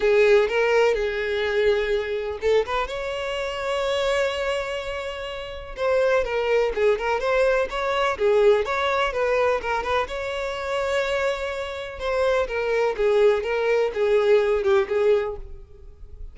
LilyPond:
\new Staff \with { instrumentName = "violin" } { \time 4/4 \tempo 4 = 125 gis'4 ais'4 gis'2~ | gis'4 a'8 b'8 cis''2~ | cis''1 | c''4 ais'4 gis'8 ais'8 c''4 |
cis''4 gis'4 cis''4 b'4 | ais'8 b'8 cis''2.~ | cis''4 c''4 ais'4 gis'4 | ais'4 gis'4. g'8 gis'4 | }